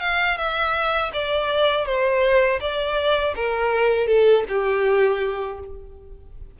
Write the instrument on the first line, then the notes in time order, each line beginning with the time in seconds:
violin
0.00 F5
0.37 E5
1.13 D5
1.85 C5
2.60 D5
3.35 A#4
4.07 A4
4.48 G4